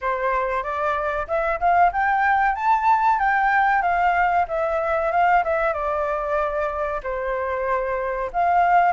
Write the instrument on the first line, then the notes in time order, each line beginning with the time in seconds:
flute
0.01 C5
0.63 D5
1.27 E5
1.60 F5
1.92 G5
2.55 A5
3.19 G5
3.82 F5
4.47 E5
5.11 F5
5.43 E5
5.73 D5
7.03 C5
8.32 F5